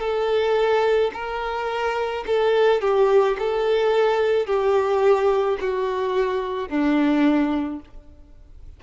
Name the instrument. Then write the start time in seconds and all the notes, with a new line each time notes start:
violin
0.00 A4
1.13 A#4
2.26 A4
2.81 G4
3.38 A4
4.46 G4
5.60 F#4
6.69 D4